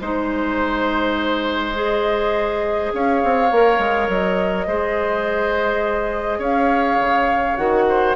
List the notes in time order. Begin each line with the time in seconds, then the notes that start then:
0.00 G#3 D#4 C5
1.74 G#4 D#5
2.93 C#4 C#5 F5
3.23 C4
3.51 A#3 A#4
3.78 G#3
4.08 F#3 D#5
4.67 G#3 G#4 C5
6.38 C#4 C#5 F5
6.99 C#3
7.56 D#3 F#4 F#5
7.88 C5